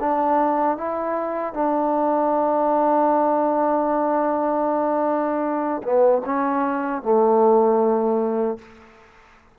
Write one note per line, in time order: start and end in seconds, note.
0.00 0.77 D4
0.77 1.54 E4
1.54 5.82 D4
5.83 6.22 B3
6.26 7.03 C#4
7.03 8.59 A3